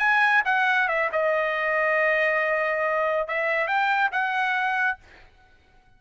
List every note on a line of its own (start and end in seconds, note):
0.00 0.43 G#5
0.45 0.88 F#5
0.88 1.10 E5
1.13 3.28 D#5
3.28 3.68 E5
3.68 4.11 G5
4.12 4.99 F#5